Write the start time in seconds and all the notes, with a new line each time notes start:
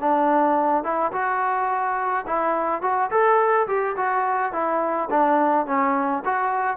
0.00 D4
0.84 E4
1.12 F#4
2.27 E4
2.82 F#4
3.11 A4
3.68 G4
3.97 F#4
4.53 E4
5.10 D4
5.67 C#4
6.25 F#4